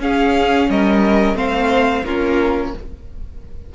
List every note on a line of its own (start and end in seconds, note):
0.00 0.68 C#4
0.00 1.36 C#4
0.00 0.70 G#4
0.00 0.71 F5
0.70 1.35 G3
0.70 1.37 A#4
0.70 1.38 D#5
1.35 2.03 A3
1.35 2.04 C4
1.35 2.05 C5
1.35 2.06 F5
2.05 2.74 A#3
2.05 2.75 C#4
2.05 2.74 F4
2.05 2.74 A#4